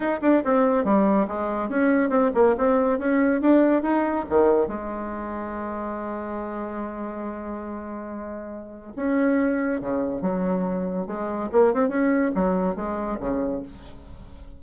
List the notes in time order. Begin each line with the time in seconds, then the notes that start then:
0.00 D#4
0.21 D4
0.44 C4
0.84 G3
1.27 G#3
1.69 C#4
2.09 C4
2.34 A#3
2.57 C4
2.98 C#4
3.41 D4
3.82 D#4
4.29 D#3
4.67 G#3
8.96 C#4
9.80 C#3
10.21 F#3
11.07 G#3
11.52 A#3
11.73 C4
11.88 C#4
12.34 F#3
12.75 G#3
13.19 C#3